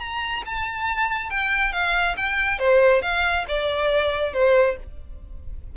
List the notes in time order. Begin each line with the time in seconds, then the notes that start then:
0.00 A#5
0.46 A5
1.30 G5
1.73 F5
2.17 G5
2.59 C5
3.02 F5
3.48 D5
4.33 C5